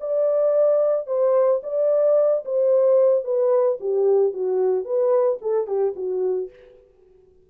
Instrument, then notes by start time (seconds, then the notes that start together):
horn
0.00 D5
1.07 C5
1.63 D5
2.45 C5
3.24 B4
3.80 G4
4.33 F#4
4.84 B4
5.41 A4
5.67 G4
5.96 F#4